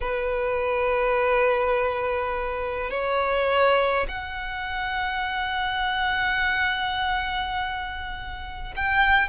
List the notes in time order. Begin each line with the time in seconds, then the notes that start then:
0.00 B4
2.90 C#5
4.08 F#5
8.75 G5